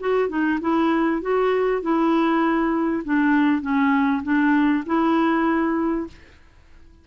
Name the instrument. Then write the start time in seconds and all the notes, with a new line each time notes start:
clarinet
0.00 F#4
0.29 D#4
0.61 E4
1.21 F#4
1.82 E4
3.04 D4
3.62 C#4
4.23 D4
4.86 E4